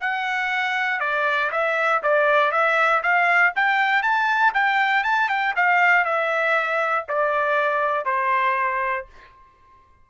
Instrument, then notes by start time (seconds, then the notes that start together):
trumpet
0.00 F#5
1.00 D5
1.51 E5
2.03 D5
2.51 E5
3.03 F5
3.55 G5
4.02 A5
4.54 G5
5.04 A5
5.28 G5
5.56 F5
6.05 E5
7.08 D5
8.05 C5